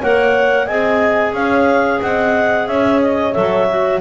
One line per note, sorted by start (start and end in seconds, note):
0.00 0.69 A#3
0.00 0.68 A#4
0.00 0.66 C#5
0.00 0.67 F#5
0.66 1.33 C4
0.66 3.33 G#4
0.66 1.32 D#5
0.66 1.33 G#5
1.33 2.00 C#4
1.33 2.00 C#5
1.33 2.01 F5
2.01 2.68 C4
2.01 2.68 D#5
2.01 2.67 F#5
2.67 3.34 C#4
2.67 4.00 C#5
2.67 3.00 E5
3.01 3.33 D#5
3.33 4.00 F#3
3.33 3.67 A4
3.33 4.00 E5
3.69 4.00 F#4